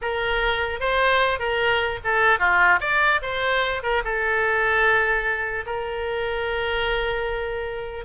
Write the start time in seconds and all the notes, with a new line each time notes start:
0.01 A#4
0.80 C5
1.39 A#4
2.04 A4
2.39 F4
2.80 D5
3.22 C5
3.82 A#4
4.04 A4
5.65 A#4